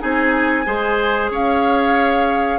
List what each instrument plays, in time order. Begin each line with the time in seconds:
0.00 bassoon C4, clarinet D#4, oboe G#4, flute G#5
0.67 bassoon G#3, clarinet G#4, oboe C5
1.31 bassoon C#4, oboe C#5, flute F5